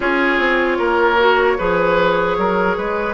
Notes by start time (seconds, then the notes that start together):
0.00 C#4 F4 G#4 C#5
0.38 C4
0.78 A#3 A#4
1.18 F#4
1.58 F3 G#4 B4
2.37 F#3 A#4
2.77 G#3 B4